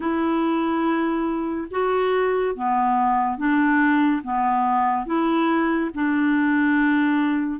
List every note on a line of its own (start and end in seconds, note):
0.00 1.67 E4
1.70 2.55 F#4
2.55 3.37 B3
3.37 4.22 D4
4.23 5.06 B3
5.06 5.90 E4
5.94 7.59 D4